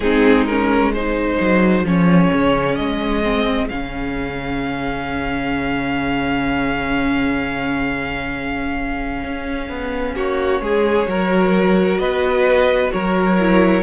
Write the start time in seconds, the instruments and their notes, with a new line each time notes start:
0.00 cello G#3, viola C4, violin D#4 G#4
0.45 viola C#4, violin A#4
0.93 viola D#4, violin G#4 C5
1.40 cello F#3
1.83 cello F3, viola C#4, violin C#5
2.33 cello C#3
2.75 cello G#3, violin D#5
3.23 viola C4
3.69 cello C#3, viola C#4, violin F5
9.23 cello C#4
9.69 cello B3
10.15 cello A#3, violin F#4 C#5
10.60 cello G#3, violin G#4
11.06 cello F#3, viola F#4, violin A#4
11.97 cello B3, violin B4 D#5
12.92 cello F#3, violin A#4 C#5
13.39 viola E4